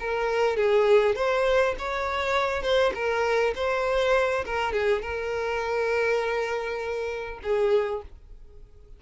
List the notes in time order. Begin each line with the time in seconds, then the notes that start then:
0.00 A#4
0.57 G#4
1.16 C5
1.79 C#5
2.63 C5
2.95 A#4
3.56 C5
4.46 A#4
4.73 G#4
5.02 A#4
7.43 G#4